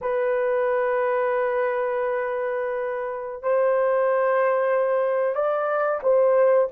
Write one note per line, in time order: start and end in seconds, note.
0.01 3.42 B4
3.42 5.35 C5
5.35 6.00 D5
6.03 6.68 C5